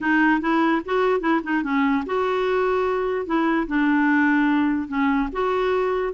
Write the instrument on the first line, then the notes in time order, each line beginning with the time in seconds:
clarinet
0.00 D#4
0.41 E4
0.85 F#4
1.20 E4
1.43 D#4
1.63 C#4
2.06 F#4
3.26 E4
3.67 D4
4.88 C#4
5.32 F#4